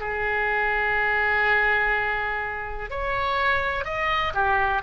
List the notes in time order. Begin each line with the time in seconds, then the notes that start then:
0.00 G#4
2.90 C#5
3.85 D#5
4.34 G4